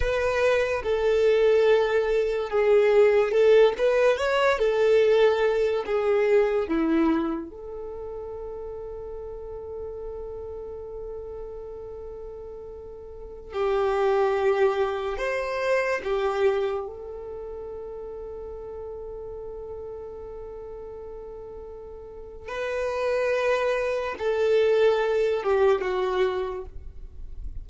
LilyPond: \new Staff \with { instrumentName = "violin" } { \time 4/4 \tempo 4 = 72 b'4 a'2 gis'4 | a'8 b'8 cis''8 a'4. gis'4 | e'4 a'2.~ | a'1~ |
a'16 g'2 c''4 g'8.~ | g'16 a'2.~ a'8.~ | a'2. b'4~ | b'4 a'4. g'8 fis'4 | }